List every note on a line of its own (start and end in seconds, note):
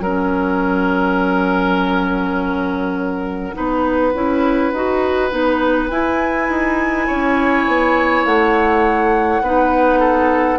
0.00 3.53 F#3
0.00 3.54 C#4
0.00 3.55 A#4
0.00 5.89 F#5
3.54 4.14 B3
3.54 4.12 D#4
3.54 7.07 B4
4.13 4.72 C#4
4.13 4.72 E4
4.72 5.31 D#4
4.72 5.30 F#4
5.30 5.90 B3
5.30 5.89 D#4
5.89 6.49 E4
5.89 9.43 E4
5.89 8.25 G#5
6.49 7.08 D#4
7.07 7.67 C#4
7.07 9.42 C#5
7.67 8.25 B3
8.25 9.41 A3
8.25 10.59 F#5
9.41 10.59 B3
9.41 10.59 D#4
9.41 10.00 B4
10.00 10.58 A4